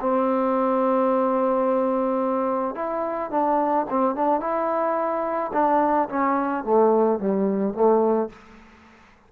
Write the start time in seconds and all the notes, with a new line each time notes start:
0.00 C4
2.75 E4
3.30 D4
3.89 C4
4.15 D4
4.40 E4
5.53 D4
6.09 C#4
6.64 A3
7.19 G3
7.73 A3